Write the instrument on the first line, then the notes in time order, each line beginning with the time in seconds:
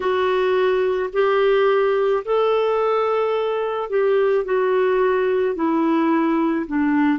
clarinet
0.00 F#4
1.12 G4
2.24 A4
3.89 G4
4.44 F#4
5.55 E4
6.66 D4